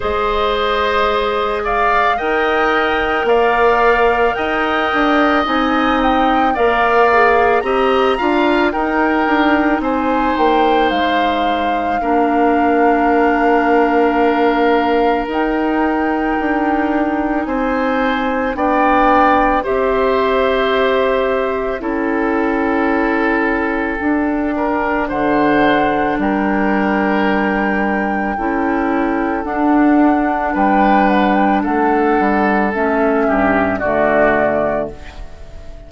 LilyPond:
<<
  \new Staff \with { instrumentName = "flute" } { \time 4/4 \tempo 4 = 55 dis''4. f''8 g''4 f''4 | g''4 gis''8 g''8 f''4 ais''4 | g''4 gis''8 g''8 f''2~ | f''2 g''2 |
gis''4 g''4 e''2 | g''2. fis''4 | g''2. fis''4 | g''8 fis''16 g''16 fis''4 e''4 d''4 | }
  \new Staff \with { instrumentName = "oboe" } { \time 4/4 c''4. d''8 dis''4 d''4 | dis''2 d''4 dis''8 f''8 | ais'4 c''2 ais'4~ | ais'1 |
c''4 d''4 c''2 | a'2~ a'8 ais'8 c''4 | ais'2 a'2 | b'4 a'4. g'8 fis'4 | }
  \new Staff \with { instrumentName = "clarinet" } { \time 4/4 gis'2 ais'2~ | ais'4 dis'4 ais'8 gis'8 g'8 f'8 | dis'2. d'4~ | d'2 dis'2~ |
dis'4 d'4 g'2 | e'2 d'2~ | d'2 e'4 d'4~ | d'2 cis'4 a4 | }
  \new Staff \with { instrumentName = "bassoon" } { \time 4/4 gis2 dis'4 ais4 | dis'8 d'8 c'4 ais4 c'8 d'8 | dis'8 d'8 c'8 ais8 gis4 ais4~ | ais2 dis'4 d'4 |
c'4 b4 c'2 | cis'2 d'4 d4 | g2 cis'4 d'4 | g4 a8 g8 a8 g,8 d4 | }
>>